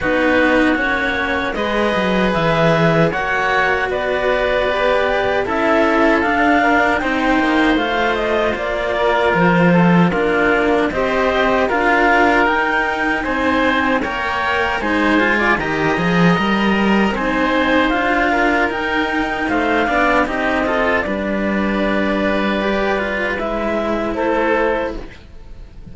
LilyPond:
<<
  \new Staff \with { instrumentName = "clarinet" } { \time 4/4 \tempo 4 = 77 b'4 cis''4 dis''4 e''4 | fis''4 d''2 e''4 | f''4 g''4 f''8 dis''8 d''4 | c''4 ais'4 dis''4 f''4 |
g''4 gis''4 g''4 gis''4 | ais''2 gis''4 f''4 | g''4 f''4 dis''4 d''4~ | d''2 e''4 c''4 | }
  \new Staff \with { instrumentName = "oboe" } { \time 4/4 fis'2 b'2 | cis''4 b'2 a'4~ | a'8 ais'8 c''2~ c''8 ais'8~ | ais'8 a'8 f'4 c''4 ais'4~ |
ais'4 c''4 cis''4 c''8. d''16 | dis''2 c''4. ais'8~ | ais'4 c''8 d''8 g'8 a'8 b'4~ | b'2. a'4 | }
  \new Staff \with { instrumentName = "cello" } { \time 4/4 dis'4 cis'4 gis'2 | fis'2 g'4 e'4 | d'4 dis'4 f'2~ | f'4 d'4 g'4 f'4 |
dis'2 ais'4 dis'8 f'8 | g'8 gis'8 ais'4 dis'4 f'4 | dis'4. d'8 dis'8 f'8 d'4~ | d'4 g'8 f'8 e'2 | }
  \new Staff \with { instrumentName = "cello" } { \time 4/4 b4 ais4 gis8 fis8 e4 | ais4 b2 cis'4 | d'4 c'8 ais8 a4 ais4 | f4 ais4 c'4 d'4 |
dis'4 c'4 ais4 gis4 | dis8 f8 g4 c'4 d'4 | dis'4 a8 b8 c'4 g4~ | g2 gis4 a4 | }
>>